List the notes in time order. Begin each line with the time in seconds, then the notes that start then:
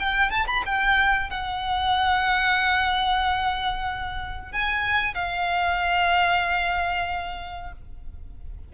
0.00 G5
0.31 A5
0.48 B5
0.66 G5
1.30 F#5
4.52 G#5
5.15 F5